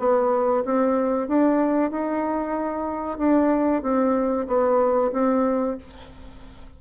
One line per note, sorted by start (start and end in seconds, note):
0.00 0.65 B3
0.65 1.28 C4
1.28 1.91 D4
1.91 3.19 D#4
3.19 3.83 D4
3.83 4.47 C4
4.48 5.12 B3
5.13 5.77 C4